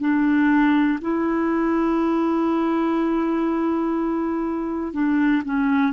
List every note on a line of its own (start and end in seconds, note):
0.00 0.98 D4
1.01 4.93 E4
4.93 5.42 D4
5.45 5.92 C#4